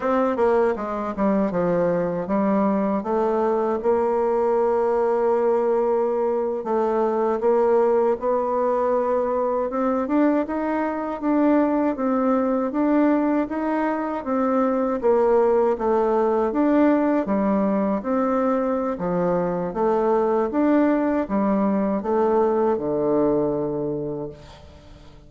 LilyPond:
\new Staff \with { instrumentName = "bassoon" } { \time 4/4 \tempo 4 = 79 c'8 ais8 gis8 g8 f4 g4 | a4 ais2.~ | ais8. a4 ais4 b4~ b16~ | b8. c'8 d'8 dis'4 d'4 c'16~ |
c'8. d'4 dis'4 c'4 ais16~ | ais8. a4 d'4 g4 c'16~ | c'4 f4 a4 d'4 | g4 a4 d2 | }